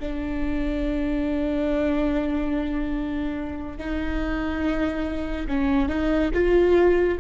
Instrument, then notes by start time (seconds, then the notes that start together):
viola
0.00 D4
3.78 D#4
5.48 C#4
5.89 D#4
6.34 F4